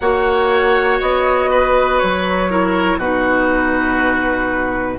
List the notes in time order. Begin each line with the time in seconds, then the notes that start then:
0.00 A#3 F#4 C#5 F#5
1.00 B3 D#5
1.50 B4
1.99 F#3 C#5
2.50 E4 A#4
2.97 B2 D#4 F#4 B4